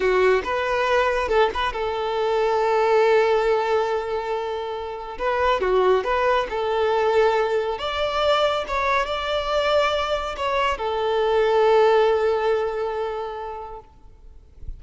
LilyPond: \new Staff \with { instrumentName = "violin" } { \time 4/4 \tempo 4 = 139 fis'4 b'2 a'8 b'8 | a'1~ | a'1 | b'4 fis'4 b'4 a'4~ |
a'2 d''2 | cis''4 d''2. | cis''4 a'2.~ | a'1 | }